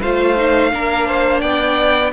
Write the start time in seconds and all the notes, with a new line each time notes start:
0.00 A3 F4 C5 F5
0.36 D#4
0.71 A#3 D4 A#4
1.07 C5
1.40 B3 D5 G5